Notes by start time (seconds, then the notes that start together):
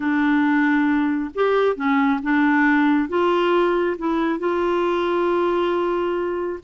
0.00 D4
1.34 G4
1.75 C#4
2.23 D4
3.08 F4
3.98 E4
4.39 F4